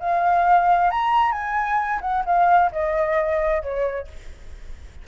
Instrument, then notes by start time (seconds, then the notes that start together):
flute
0.00 F5
0.91 A#5
1.32 G#5
2.01 F#5
2.26 F5
2.72 D#5
3.62 C#5